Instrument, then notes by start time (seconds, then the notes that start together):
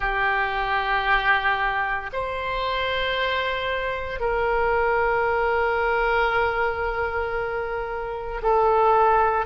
oboe
0.00 G4
2.12 C5
4.20 A#4
8.42 A4